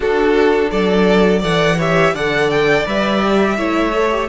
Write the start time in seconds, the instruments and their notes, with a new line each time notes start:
0.00 cello D4, viola D4, violin F#4 A4
0.70 cello F#3, violin A4 D5
1.39 cello E3, viola A4, violin D5 F#5
1.78 viola G4, violin C#5 E5
2.13 cello D3, viola A4, violin D5 F#5
2.50 violin G5
2.86 cello G3, viola B4, violin E5
3.21 viola G4
3.57 cello A3, viola E4, violin C#5
3.93 viola A4
4.11 viola G4